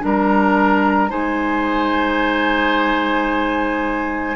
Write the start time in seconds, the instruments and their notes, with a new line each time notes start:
0.00 bassoon G3, clarinet D4, oboe A#4, flute A#5
1.09 bassoon G#3, clarinet D#4, oboe C5, flute G#5